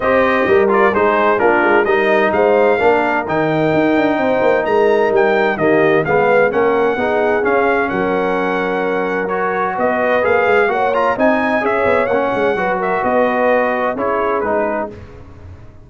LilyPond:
<<
  \new Staff \with { instrumentName = "trumpet" } { \time 4/4 \tempo 4 = 129 dis''4. d''8 c''4 ais'4 | dis''4 f''2 g''4~ | g''2 ais''4 g''4 | dis''4 f''4 fis''2 |
f''4 fis''2. | cis''4 dis''4 f''4 fis''8 ais''8 | gis''4 e''4 fis''4. e''8 | dis''2 cis''4 b'4 | }
  \new Staff \with { instrumentName = "horn" } { \time 4/4 c''4 ais'4 gis'4 f'4 | ais'4 c''4 ais'2~ | ais'4 c''4 ais'2 | g'4 b'4 ais'4 gis'4~ |
gis'4 ais'2.~ | ais'4 b'2 cis''4 | dis''4 cis''2 b'8 ais'8 | b'2 gis'2 | }
  \new Staff \with { instrumentName = "trombone" } { \time 4/4 g'4. f'8 dis'4 d'4 | dis'2 d'4 dis'4~ | dis'1 | ais4 b4 cis'4 dis'4 |
cis'1 | fis'2 gis'4 fis'8 f'8 | dis'4 gis'4 cis'4 fis'4~ | fis'2 e'4 dis'4 | }
  \new Staff \with { instrumentName = "tuba" } { \time 4/4 c'4 g4 gis4 ais8 gis8 | g4 gis4 ais4 dis4 | dis'8 d'8 c'8 ais8 gis4 g4 | dis4 gis4 ais4 b4 |
cis'4 fis2.~ | fis4 b4 ais8 gis8 ais4 | c'4 cis'8 b8 ais8 gis8 fis4 | b2 cis'4 gis4 | }
>>